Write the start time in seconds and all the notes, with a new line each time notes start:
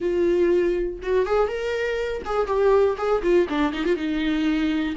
0.00 F4
1.02 F#4
1.26 G#4
1.48 A#4
2.25 G#4
2.46 G4
2.97 G#4
3.22 F4
3.49 D4
3.72 D#4
3.84 F4
3.96 D#4